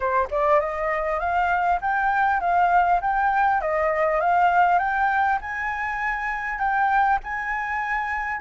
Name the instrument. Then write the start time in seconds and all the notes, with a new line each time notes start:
flute
0.00 C5
0.31 D5
0.60 D#5
1.19 F5
1.81 G5
2.40 F5
3.01 G5
3.61 D#5
4.20 F5
4.78 G5
5.41 G#5
6.58 G5
7.23 G#5